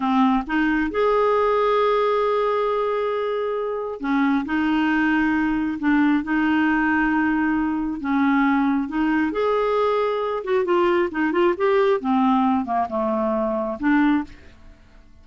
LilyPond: \new Staff \with { instrumentName = "clarinet" } { \time 4/4 \tempo 4 = 135 c'4 dis'4 gis'2~ | gis'1~ | gis'4 cis'4 dis'2~ | dis'4 d'4 dis'2~ |
dis'2 cis'2 | dis'4 gis'2~ gis'8 fis'8 | f'4 dis'8 f'8 g'4 c'4~ | c'8 ais8 a2 d'4 | }